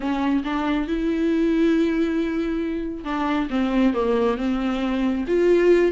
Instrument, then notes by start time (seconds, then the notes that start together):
viola
0.00 C#4
0.44 D4
0.87 E4
3.04 D4
3.50 C4
3.93 A#3
4.37 C4
5.27 F4